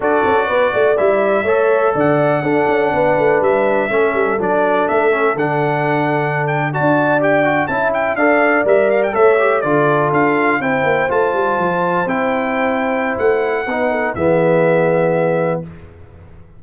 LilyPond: <<
  \new Staff \with { instrumentName = "trumpet" } { \time 4/4 \tempo 4 = 123 d''2 e''2 | fis''2. e''4~ | e''4 d''4 e''4 fis''4~ | fis''4~ fis''16 g''8 a''4 g''4 a''16~ |
a''16 g''8 f''4 e''8 f''16 g''16 e''4 d''16~ | d''8. f''4 g''4 a''4~ a''16~ | a''8. g''2~ g''16 fis''4~ | fis''4 e''2. | }
  \new Staff \with { instrumentName = "horn" } { \time 4/4 a'4 b'8 d''4. cis''4 | d''4 a'4 b'2 | a'1~ | a'4.~ a'16 d''2 e''16~ |
e''8. d''2 cis''4 a'16~ | a'4.~ a'16 c''2~ c''16~ | c''1 | b'8 a'8 gis'2. | }
  \new Staff \with { instrumentName = "trombone" } { \time 4/4 fis'2 e'4 a'4~ | a'4 d'2. | cis'4 d'4. cis'8 d'4~ | d'4.~ d'16 fis'4 g'8 fis'8 e'16~ |
e'8. a'4 ais'4 a'8 g'8 f'16~ | f'4.~ f'16 e'4 f'4~ f'16~ | f'8. e'2.~ e'16 | dis'4 b2. | }
  \new Staff \with { instrumentName = "tuba" } { \time 4/4 d'8 cis'8 b8 a8 g4 a4 | d4 d'8 cis'8 b8 a8 g4 | a8 g8 fis4 a4 d4~ | d2 d'4.~ d'16 cis'16~ |
cis'8. d'4 g4 a4 d16~ | d8. d'4 c'8 ais8 a8 g8 f16~ | f8. c'2~ c'16 a4 | b4 e2. | }
>>